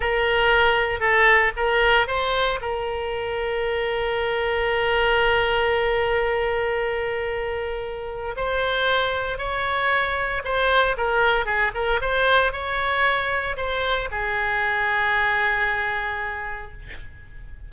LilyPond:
\new Staff \with { instrumentName = "oboe" } { \time 4/4 \tempo 4 = 115 ais'2 a'4 ais'4 | c''4 ais'2.~ | ais'1~ | ais'1 |
c''2 cis''2 | c''4 ais'4 gis'8 ais'8 c''4 | cis''2 c''4 gis'4~ | gis'1 | }